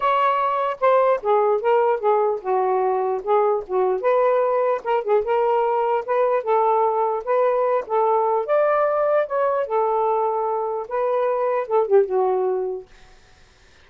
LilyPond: \new Staff \with { instrumentName = "saxophone" } { \time 4/4 \tempo 4 = 149 cis''2 c''4 gis'4 | ais'4 gis'4 fis'2 | gis'4 fis'4 b'2 | ais'8 gis'8 ais'2 b'4 |
a'2 b'4. a'8~ | a'4 d''2 cis''4 | a'2. b'4~ | b'4 a'8 g'8 fis'2 | }